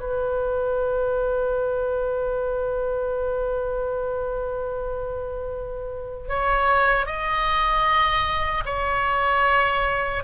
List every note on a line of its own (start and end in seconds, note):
0.00 6.28 B4
6.28 7.06 C#5
7.06 8.64 D#5
8.66 10.23 C#5